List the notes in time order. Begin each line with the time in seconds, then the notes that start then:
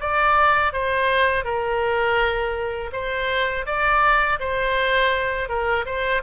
0.00 D5
0.73 C5
1.44 A#4
2.92 C5
3.66 D5
4.39 C5
5.49 A#4
5.86 C5